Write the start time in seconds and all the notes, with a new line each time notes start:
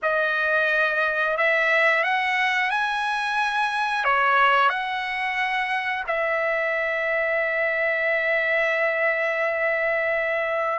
0.02 D#5
1.37 E5
2.03 F#5
2.70 G#5
4.04 C#5
4.69 F#5
6.07 E5